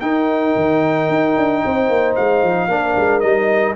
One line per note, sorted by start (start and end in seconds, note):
0.00 0.55 D#4
0.00 2.69 D#4
0.00 1.63 A#4
0.00 2.14 G5
0.55 1.09 D#3
1.09 1.36 D#4
1.36 1.63 D4
1.65 1.89 C4
1.65 2.69 C5
1.89 2.15 A#3
2.15 2.43 G#3
2.15 3.20 F5
2.43 2.68 F3
2.68 2.94 A#3
2.68 3.21 D4
2.68 3.75 A#4
2.96 3.23 G#3
3.20 3.75 G3
3.20 3.75 D#4
3.20 3.73 D#5